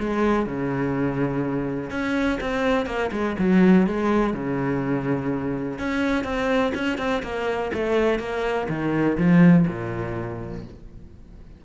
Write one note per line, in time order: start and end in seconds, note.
0.00 0.47 G#3
0.47 1.91 C#3
1.91 2.39 C#4
2.41 2.87 C4
2.87 3.11 A#3
3.12 3.36 G#3
3.39 3.87 F#3
3.87 4.34 G#3
4.34 5.79 C#3
5.79 6.24 C#4
6.24 6.73 C4
6.75 6.99 C#4
6.99 7.23 C4
7.23 7.72 A#3
7.74 8.19 A3
8.19 8.68 A#3
8.69 9.18 D#3
9.18 9.66 F3
9.68 10.65 A#2